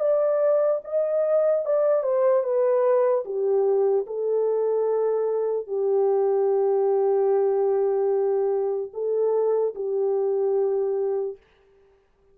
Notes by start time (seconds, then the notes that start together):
0.00 D5
0.84 D#5
1.65 D5
2.03 C5
2.44 B4
3.25 G4
4.07 A4
5.67 G4
8.93 A4
9.75 G4